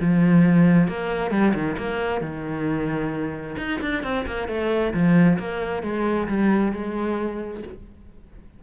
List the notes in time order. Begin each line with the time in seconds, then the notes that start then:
0.00 F3
0.88 A#3
1.30 G3
1.54 D#3
1.78 A#3
2.21 D#3
3.57 D#4
3.81 D4
4.03 C4
4.26 A#3
4.48 A3
4.93 F3
5.38 A#3
5.82 G#3
6.27 G3
6.72 G#3